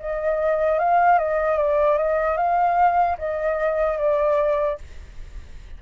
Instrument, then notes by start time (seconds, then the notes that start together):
flute
0.00 D#5
0.79 F5
1.19 D#5
1.57 D5
1.97 D#5
2.37 F5
3.18 D#5
3.98 D5